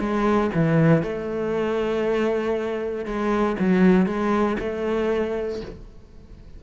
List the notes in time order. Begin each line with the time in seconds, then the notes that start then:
0.00 G#3
0.55 E3
1.03 A3
3.05 G#3
3.59 F#3
4.07 G#3
4.60 A3